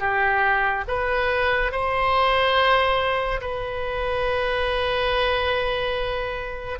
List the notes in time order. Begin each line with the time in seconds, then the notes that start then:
0.00 G4
0.88 B4
1.72 C5
3.41 B4